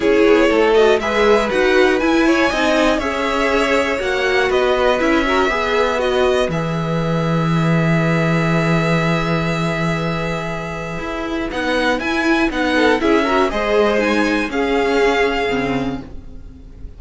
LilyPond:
<<
  \new Staff \with { instrumentName = "violin" } { \time 4/4 \tempo 4 = 120 cis''4. dis''8 e''4 fis''4 | gis''2 e''2 | fis''4 dis''4 e''2 | dis''4 e''2.~ |
e''1~ | e''2. fis''4 | gis''4 fis''4 e''4 dis''4 | gis''4 f''2. | }
  \new Staff \with { instrumentName = "violin" } { \time 4/4 gis'4 a'4 b'2~ | b'8 cis''8 dis''4 cis''2~ | cis''4 b'4. ais'8 b'4~ | b'1~ |
b'1~ | b'1~ | b'4. a'8 gis'8 ais'8 c''4~ | c''4 gis'2. | }
  \new Staff \with { instrumentName = "viola" } { \time 4/4 e'4. fis'8 gis'4 fis'4 | e'4 dis'4 gis'2 | fis'2 e'8 fis'8 gis'4 | fis'4 gis'2.~ |
gis'1~ | gis'2. dis'4 | e'4 dis'4 e'8 fis'8 gis'4 | dis'4 cis'2 c'4 | }
  \new Staff \with { instrumentName = "cello" } { \time 4/4 cis'8 b8 a4 gis4 dis'4 | e'4 c'4 cis'2 | ais4 b4 cis'4 b4~ | b4 e2.~ |
e1~ | e2 e'4 b4 | e'4 b4 cis'4 gis4~ | gis4 cis'2 cis4 | }
>>